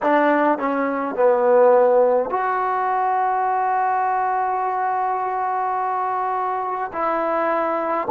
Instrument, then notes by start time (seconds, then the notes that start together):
trombone
0.02 D4
0.58 C#4
1.15 B3
2.30 F#4
6.92 E4